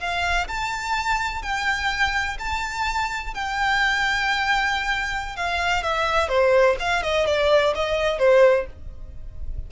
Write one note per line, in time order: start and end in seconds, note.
0.00 0.48 F5
0.48 1.43 A5
1.43 2.38 G5
2.39 3.34 A5
3.34 5.37 G5
5.37 5.83 F5
5.83 6.29 E5
6.29 6.76 C5
6.80 7.03 F5
7.03 7.27 D#5
7.27 7.74 D5
7.75 8.19 D#5
8.19 8.66 C5